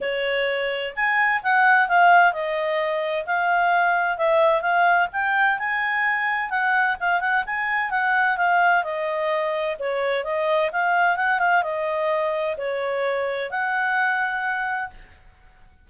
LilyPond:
\new Staff \with { instrumentName = "clarinet" } { \time 4/4 \tempo 4 = 129 cis''2 gis''4 fis''4 | f''4 dis''2 f''4~ | f''4 e''4 f''4 g''4 | gis''2 fis''4 f''8 fis''8 |
gis''4 fis''4 f''4 dis''4~ | dis''4 cis''4 dis''4 f''4 | fis''8 f''8 dis''2 cis''4~ | cis''4 fis''2. | }